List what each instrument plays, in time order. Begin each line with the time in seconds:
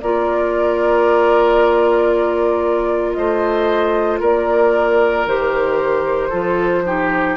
0.00 bassoon A#3, clarinet F4, oboe A#4, flute D5
3.13 bassoon A3, oboe C5, flute D#5
4.20 bassoon A#3, oboe A#4, flute D5
5.26 bassoon D#3, clarinet G4, flute C5
6.29 bassoon F3, clarinet F4, oboe A4
6.86 clarinet D#4, oboe G4